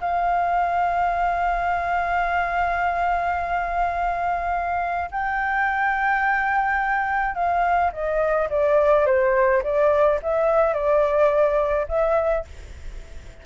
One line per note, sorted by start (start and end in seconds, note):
0.00 5.09 F5
5.11 7.34 G5
7.34 7.91 F5
7.92 8.49 D#5
8.49 9.06 D5
9.06 9.62 C5
9.63 10.19 D5
10.22 10.73 E5
10.73 11.86 D5
11.88 12.45 E5